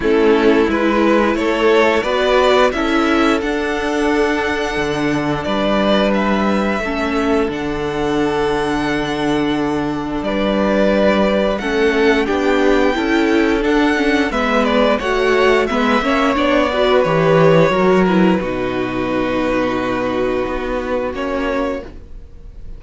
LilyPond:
<<
  \new Staff \with { instrumentName = "violin" } { \time 4/4 \tempo 4 = 88 a'4 b'4 cis''4 d''4 | e''4 fis''2. | d''4 e''2 fis''4~ | fis''2. d''4~ |
d''4 fis''4 g''2 | fis''4 e''8 d''8 fis''4 e''4 | d''4 cis''4. b'4.~ | b'2. cis''4 | }
  \new Staff \with { instrumentName = "violin" } { \time 4/4 e'2 a'4 b'4 | a'1 | b'2 a'2~ | a'2. b'4~ |
b'4 a'4 g'4 a'4~ | a'4 b'4 cis''4 b'8 cis''8~ | cis''8 b'4. ais'4 fis'4~ | fis'1 | }
  \new Staff \with { instrumentName = "viola" } { \time 4/4 cis'4 e'2 fis'4 | e'4 d'2.~ | d'2 cis'4 d'4~ | d'1~ |
d'4 cis'4 d'4 e'4 | d'8 cis'8 b4 fis'4 b8 cis'8 | d'8 fis'8 g'4 fis'8 e'8 dis'4~ | dis'2. cis'4 | }
  \new Staff \with { instrumentName = "cello" } { \time 4/4 a4 gis4 a4 b4 | cis'4 d'2 d4 | g2 a4 d4~ | d2. g4~ |
g4 a4 b4 cis'4 | d'4 gis4 a4 gis8 ais8 | b4 e4 fis4 b,4~ | b,2 b4 ais4 | }
>>